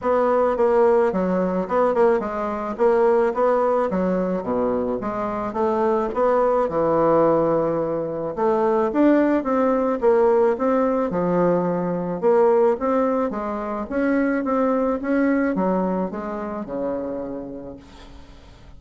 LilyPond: \new Staff \with { instrumentName = "bassoon" } { \time 4/4 \tempo 4 = 108 b4 ais4 fis4 b8 ais8 | gis4 ais4 b4 fis4 | b,4 gis4 a4 b4 | e2. a4 |
d'4 c'4 ais4 c'4 | f2 ais4 c'4 | gis4 cis'4 c'4 cis'4 | fis4 gis4 cis2 | }